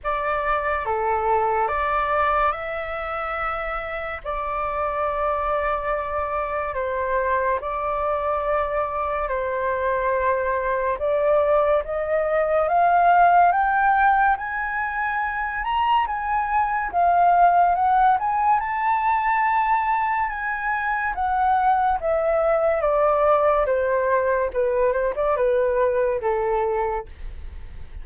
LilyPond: \new Staff \with { instrumentName = "flute" } { \time 4/4 \tempo 4 = 71 d''4 a'4 d''4 e''4~ | e''4 d''2. | c''4 d''2 c''4~ | c''4 d''4 dis''4 f''4 |
g''4 gis''4. ais''8 gis''4 | f''4 fis''8 gis''8 a''2 | gis''4 fis''4 e''4 d''4 | c''4 b'8 c''16 d''16 b'4 a'4 | }